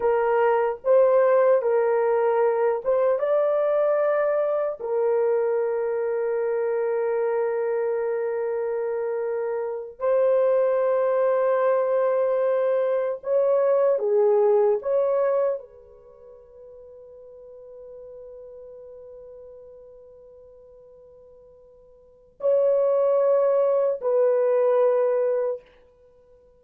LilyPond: \new Staff \with { instrumentName = "horn" } { \time 4/4 \tempo 4 = 75 ais'4 c''4 ais'4. c''8 | d''2 ais'2~ | ais'1~ | ais'8 c''2.~ c''8~ |
c''8 cis''4 gis'4 cis''4 b'8~ | b'1~ | b'1 | cis''2 b'2 | }